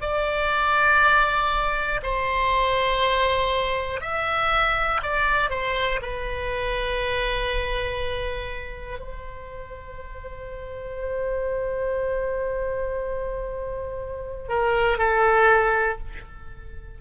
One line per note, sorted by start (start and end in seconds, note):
0.00 2.00 D5
2.02 4.00 C5
4.00 5.00 E5
5.03 5.50 D5
5.50 6.00 C5
6.01 8.99 B4
8.99 14.49 C5
14.49 14.98 A#4
14.98 15.98 A4